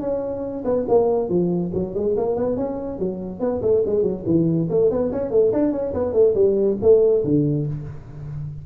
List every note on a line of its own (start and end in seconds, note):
0.00 0.63 C#4
0.65 0.86 B3
0.88 1.29 A#3
1.29 1.71 F3
1.74 1.94 F#3
1.94 2.15 G#3
2.17 2.36 A#3
2.36 2.56 B3
2.56 2.99 C#4
2.99 3.40 F#3
3.40 3.61 B3
3.62 3.83 A3
3.86 4.02 G#3
4.02 4.23 F#3
4.25 4.68 E3
4.70 4.90 A3
4.90 5.11 B3
5.11 5.30 C#4
5.30 5.52 A3
5.52 5.72 D4
5.72 5.93 C#4
5.93 6.13 B3
6.13 6.34 A3
6.34 6.77 G3
6.81 7.24 A3
7.24 7.66 D3